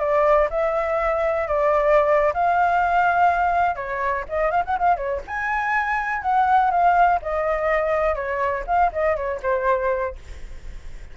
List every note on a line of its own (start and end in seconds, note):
0.00 0.49 D5
0.51 1.48 E5
1.48 2.33 D5
2.34 3.76 F5
3.76 4.25 C#5
4.29 4.51 D#5
4.51 4.64 F5
4.66 4.78 F#5
4.79 4.97 F5
4.97 5.21 C#5
5.27 6.22 G#5
6.22 6.71 F#5
6.71 7.20 F5
7.22 8.16 D#5
8.16 8.65 C#5
8.67 8.92 F5
8.93 9.16 D#5
9.16 9.41 C#5
9.43 10.16 C5